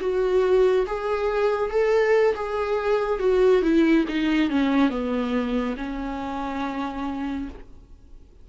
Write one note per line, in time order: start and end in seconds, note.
0.00 0.86 F#4
0.86 1.70 G#4
1.70 2.35 A4
2.35 3.19 G#4
3.19 3.62 F#4
3.62 4.05 E4
4.08 4.50 D#4
4.50 4.89 C#4
4.89 5.75 B3
5.77 7.48 C#4